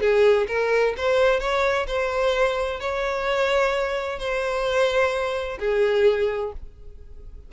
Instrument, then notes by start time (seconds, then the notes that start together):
violin
0.00 G#4
0.47 A#4
0.97 C5
1.40 C#5
1.87 C5
2.80 C#5
4.19 C5
5.59 G#4